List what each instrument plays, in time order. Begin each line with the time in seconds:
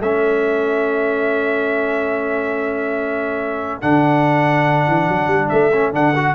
0.00 tuba A3, trombone C#4, horn A4, trumpet E5
3.81 tuba D3, trombone D4, trumpet F#5
4.87 tuba E3
5.08 tuba F#3
5.27 tuba G3
5.49 tuba A3, trumpet E5
5.73 trombone C#4
5.93 tuba D3, trombone D4, trumpet F#5
6.15 trombone F#4